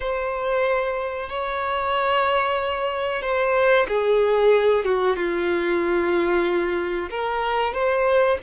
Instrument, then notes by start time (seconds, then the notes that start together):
violin
0.00 C5
1.29 C#5
3.22 C5
3.88 G#4
4.84 F#4
5.16 F4
7.10 A#4
7.73 C5